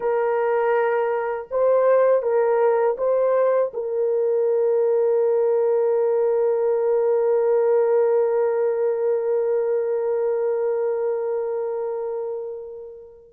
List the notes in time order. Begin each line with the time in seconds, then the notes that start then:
0.00 A#4
1.50 C5
2.22 A#4
2.97 C5
3.73 A#4